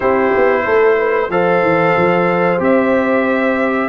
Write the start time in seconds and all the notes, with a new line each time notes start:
0.00 C4 E4 G4 C5
0.37 B3
0.64 A3 A4
0.97 B4
1.29 F3 A4 C5 F5
1.61 E3
1.96 F3
2.58 C4 G4 E5